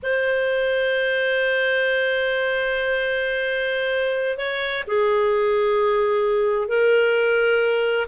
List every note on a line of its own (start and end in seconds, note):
0.02 4.37 C5
4.37 4.83 C#5
4.87 6.68 G#4
6.68 8.06 A#4